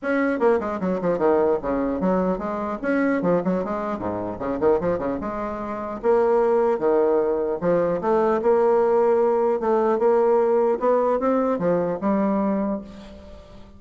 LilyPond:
\new Staff \with { instrumentName = "bassoon" } { \time 4/4 \tempo 4 = 150 cis'4 ais8 gis8 fis8 f8 dis4 | cis4 fis4 gis4 cis'4 | f8 fis8 gis4 gis,4 cis8 dis8 | f8 cis8 gis2 ais4~ |
ais4 dis2 f4 | a4 ais2. | a4 ais2 b4 | c'4 f4 g2 | }